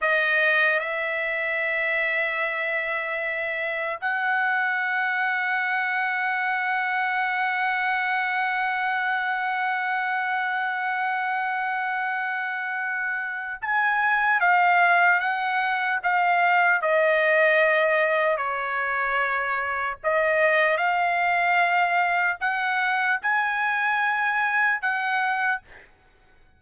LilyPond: \new Staff \with { instrumentName = "trumpet" } { \time 4/4 \tempo 4 = 75 dis''4 e''2.~ | e''4 fis''2.~ | fis''1~ | fis''1~ |
fis''4 gis''4 f''4 fis''4 | f''4 dis''2 cis''4~ | cis''4 dis''4 f''2 | fis''4 gis''2 fis''4 | }